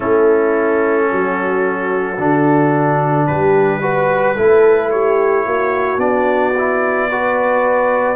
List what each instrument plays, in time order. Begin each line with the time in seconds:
0.00 tuba A3, trombone C#4, horn E4, trumpet A4
1.10 tuba F#3, horn F#4
2.18 tuba D3, trombone D4
3.26 tuba G3, horn G4, trumpet B4
3.81 trombone F#4, horn B4
4.35 tuba A3, trombone E4, horn A4
4.90 horn G4, trumpet C#5
5.45 tuba A#3, horn F#4
5.97 tuba B3, trombone D4, trumpet D5
6.57 trombone E4
7.08 trombone F#4, horn B4